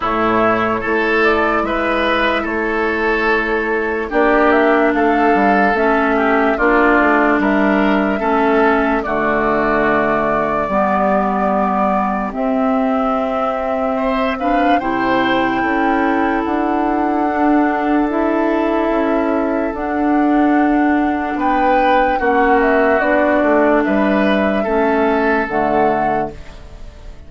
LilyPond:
<<
  \new Staff \with { instrumentName = "flute" } { \time 4/4 \tempo 4 = 73 cis''4. d''8 e''4 cis''4~ | cis''4 d''8 e''8 f''4 e''4 | d''4 e''2 d''4~ | d''2. e''4~ |
e''4. f''8 g''2 | fis''2 e''2 | fis''2 g''4 fis''8 e''8 | d''4 e''2 fis''4 | }
  \new Staff \with { instrumentName = "oboe" } { \time 4/4 e'4 a'4 b'4 a'4~ | a'4 g'4 a'4. g'8 | f'4 ais'4 a'4 fis'4~ | fis'4 g'2.~ |
g'4 c''8 b'8 c''4 a'4~ | a'1~ | a'2 b'4 fis'4~ | fis'4 b'4 a'2 | }
  \new Staff \with { instrumentName = "clarinet" } { \time 4/4 a4 e'2.~ | e'4 d'2 cis'4 | d'2 cis'4 a4~ | a4 b2 c'4~ |
c'4. d'8 e'2~ | e'4 d'4 e'2 | d'2. cis'4 | d'2 cis'4 a4 | }
  \new Staff \with { instrumentName = "bassoon" } { \time 4/4 a,4 a4 gis4 a4~ | a4 ais4 a8 g8 a4 | ais8 a8 g4 a4 d4~ | d4 g2 c'4~ |
c'2 c4 cis'4 | d'2. cis'4 | d'2 b4 ais4 | b8 a8 g4 a4 d4 | }
>>